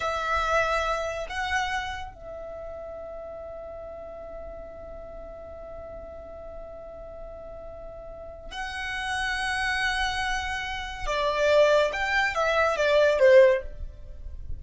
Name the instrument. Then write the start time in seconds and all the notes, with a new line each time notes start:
violin
0.00 E5
1.29 F#5
2.14 E5
8.51 F#5
11.06 D5
11.92 G5
12.34 E5
12.76 D5
13.19 C5